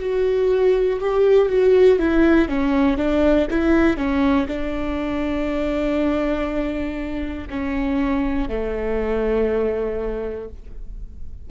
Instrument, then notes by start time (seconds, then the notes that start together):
viola
0.00 F#4
1.00 G4
1.49 F#4
1.99 E4
2.49 C#4
2.97 D4
3.50 E4
3.97 C#4
4.48 D4
7.50 C#4
8.49 A3